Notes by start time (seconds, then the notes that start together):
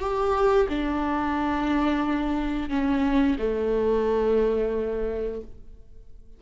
0.00 G4
0.69 D4
2.70 C#4
3.39 A3